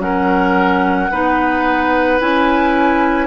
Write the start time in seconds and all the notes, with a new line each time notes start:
0.00 F#3 C#4 A#4 F#5
1.12 B3 D#4 B4
2.21 C#4 E4 G#5